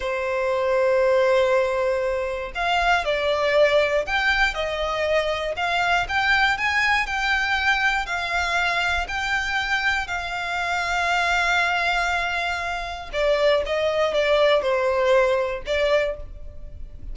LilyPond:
\new Staff \with { instrumentName = "violin" } { \time 4/4 \tempo 4 = 119 c''1~ | c''4 f''4 d''2 | g''4 dis''2 f''4 | g''4 gis''4 g''2 |
f''2 g''2 | f''1~ | f''2 d''4 dis''4 | d''4 c''2 d''4 | }